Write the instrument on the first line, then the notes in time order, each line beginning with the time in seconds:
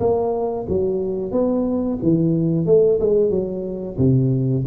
tuba
0.00 A#3
0.68 F#3
1.32 B3
2.02 E3
2.66 A3
3.00 G#3
3.30 F#3
3.98 C3